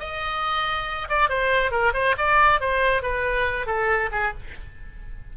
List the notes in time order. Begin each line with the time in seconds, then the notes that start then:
0.00 D#5
1.09 D5
1.29 C5
1.71 A#4
1.94 C5
2.18 D5
2.61 C5
3.03 B4
3.67 A4
4.12 G#4